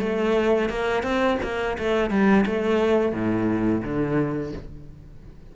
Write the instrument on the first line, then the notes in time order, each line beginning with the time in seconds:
cello
0.00 A3
0.70 A#3
1.03 C4
1.43 A#3
1.79 A3
2.11 G3
2.46 A3
3.13 A2
3.83 D3